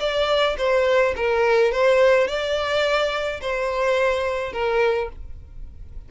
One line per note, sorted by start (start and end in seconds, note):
0.00 0.57 D5
0.58 1.15 C5
1.16 1.72 A#4
1.72 2.28 C5
2.28 3.41 D5
3.41 4.53 C5
4.53 5.09 A#4